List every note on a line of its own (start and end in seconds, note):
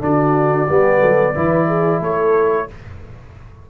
0.00 0.67 D3
0.00 0.67 D4
0.00 0.72 F#4
0.00 2.03 D5
0.69 1.02 G3
0.69 1.35 B3
0.69 1.00 G4
1.00 1.35 F#3
1.00 1.33 A4
1.35 2.01 E3
1.35 2.68 E4
1.35 1.68 B4
1.68 2.00 G#4
2.00 2.67 A3
2.00 2.67 A4
2.00 2.70 C#5